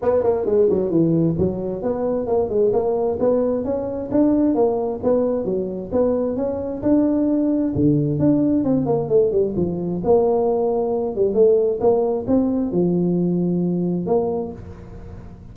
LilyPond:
\new Staff \with { instrumentName = "tuba" } { \time 4/4 \tempo 4 = 132 b8 ais8 gis8 fis8 e4 fis4 | b4 ais8 gis8 ais4 b4 | cis'4 d'4 ais4 b4 | fis4 b4 cis'4 d'4~ |
d'4 d4 d'4 c'8 ais8 | a8 g8 f4 ais2~ | ais8 g8 a4 ais4 c'4 | f2. ais4 | }